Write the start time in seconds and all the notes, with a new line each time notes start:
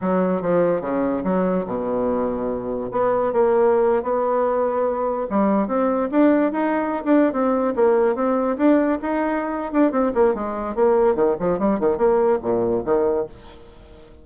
0.01 F#3
0.41 F3
0.81 C#3
1.24 F#3
1.66 B2
2.91 B3
3.33 A#3
4.03 B3
5.30 G3
5.67 C4
6.11 D4
6.52 D#4
7.04 D4
7.32 C4
7.75 A#3
8.15 C4
8.57 D4
9.02 D#4
9.72 D4
9.91 C4
10.14 A#3
10.34 G#3
10.75 A#3
11.15 D#3
11.39 F3
11.58 G3
11.79 D#3
11.97 A#3
12.42 A#2
12.84 D#3